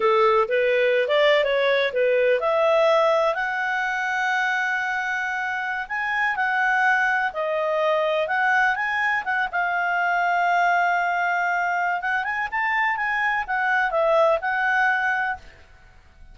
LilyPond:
\new Staff \with { instrumentName = "clarinet" } { \time 4/4 \tempo 4 = 125 a'4 b'4~ b'16 d''8. cis''4 | b'4 e''2 fis''4~ | fis''1~ | fis''16 gis''4 fis''2 dis''8.~ |
dis''4~ dis''16 fis''4 gis''4 fis''8 f''16~ | f''1~ | f''4 fis''8 gis''8 a''4 gis''4 | fis''4 e''4 fis''2 | }